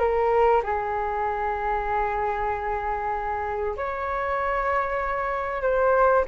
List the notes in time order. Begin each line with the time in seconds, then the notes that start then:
0.00 A#4
0.64 G#4
3.77 C#5
5.62 C5